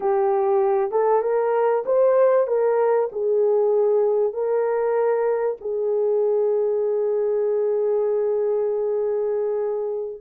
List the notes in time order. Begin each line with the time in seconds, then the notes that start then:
0.00 G4
0.91 A4
1.22 A#4
1.85 C5
2.47 A#4
3.12 G#4
4.33 A#4
5.60 G#4